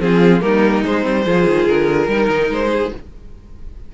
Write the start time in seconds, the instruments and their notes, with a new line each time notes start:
0.00 cello F3, viola C4, violin F4 G#4
0.41 cello G3, viola A#3, violin D#4 A#4
0.84 viola G#3, cello G#3, violin C5
1.02 cello G3, viola C4
1.26 cello F3, viola F4, violin G#4
1.48 cello D#3
1.68 cello D3, violin A#4
2.08 cello G3, viola D#4, violin A#4
2.30 cello D#3
2.50 cello G#3, violin C5
2.72 violin G#4